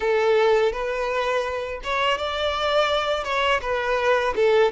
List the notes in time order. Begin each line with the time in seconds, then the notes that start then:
0.00 A4
0.72 B4
1.83 C#5
2.17 D5
3.24 C#5
3.61 B4
4.35 A4